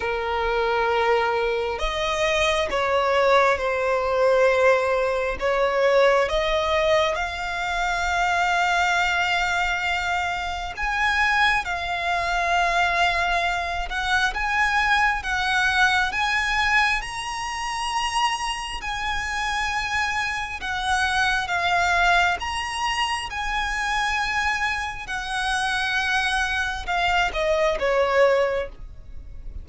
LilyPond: \new Staff \with { instrumentName = "violin" } { \time 4/4 \tempo 4 = 67 ais'2 dis''4 cis''4 | c''2 cis''4 dis''4 | f''1 | gis''4 f''2~ f''8 fis''8 |
gis''4 fis''4 gis''4 ais''4~ | ais''4 gis''2 fis''4 | f''4 ais''4 gis''2 | fis''2 f''8 dis''8 cis''4 | }